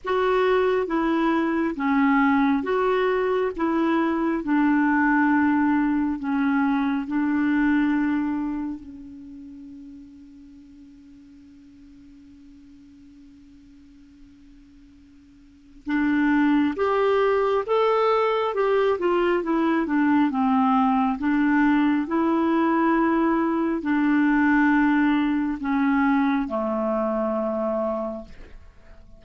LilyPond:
\new Staff \with { instrumentName = "clarinet" } { \time 4/4 \tempo 4 = 68 fis'4 e'4 cis'4 fis'4 | e'4 d'2 cis'4 | d'2 cis'2~ | cis'1~ |
cis'2 d'4 g'4 | a'4 g'8 f'8 e'8 d'8 c'4 | d'4 e'2 d'4~ | d'4 cis'4 a2 | }